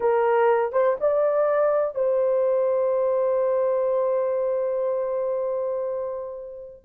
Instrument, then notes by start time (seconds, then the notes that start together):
horn
0.00 A#4
0.72 C5
1.00 D5
1.94 C5